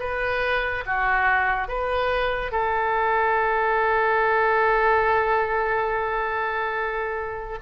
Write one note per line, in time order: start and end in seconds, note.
0.00 0.85 B4
0.87 1.69 F#4
1.69 2.52 B4
2.52 7.59 A4